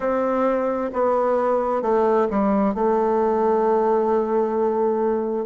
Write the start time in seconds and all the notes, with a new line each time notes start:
0.00 C4
0.93 B3
1.82 A3
2.30 G3
2.74 A3